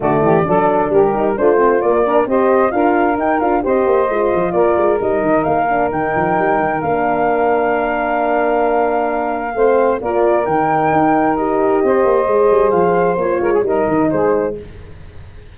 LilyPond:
<<
  \new Staff \with { instrumentName = "flute" } { \time 4/4 \tempo 4 = 132 d''2 ais'4 c''4 | d''4 dis''4 f''4 g''8 f''8 | dis''2 d''4 dis''4 | f''4 g''2 f''4~ |
f''1~ | f''2 d''4 g''4~ | g''4 dis''2. | f''4 cis''4 dis''4 c''4 | }
  \new Staff \with { instrumentName = "saxophone" } { \time 4/4 fis'8 g'8 a'4 g'4 f'4~ | f'8 ais'8 c''4 ais'2 | c''2 ais'2~ | ais'1~ |
ais'1~ | ais'4 c''4 ais'2~ | ais'2 c''2~ | c''4. ais'16 gis'16 ais'4 gis'4 | }
  \new Staff \with { instrumentName = "horn" } { \time 4/4 a4 d'4. dis'8 d'8 c'8 | ais8 d'8 g'4 f'4 dis'8 f'8 | g'4 f'2 dis'4~ | dis'8 d'8 dis'2 d'4~ |
d'1~ | d'4 c'4 f'4 dis'4~ | dis'4 g'2 gis'4~ | gis'4 f'4 dis'2 | }
  \new Staff \with { instrumentName = "tuba" } { \time 4/4 d8 e8 fis4 g4 a4 | ais4 c'4 d'4 dis'8 d'8 | c'8 ais8 gis8 f8 ais8 gis8 g8 dis8 | ais4 dis8 f8 g8 dis8 ais4~ |
ais1~ | ais4 a4 ais4 dis4 | dis'2 c'8 ais8 gis8 g8 | f4 ais8 gis8 g8 dis8 gis4 | }
>>